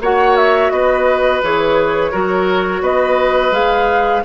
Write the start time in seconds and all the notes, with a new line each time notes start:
0.00 A#3 F#4 C#5 F#5
0.36 E5
0.70 B3 B4 D#5
1.42 E3 G#4 C#5
2.11 F#3 F#4 A#4
2.81 B3 B4 D#5
3.51 G#3 G#4 F5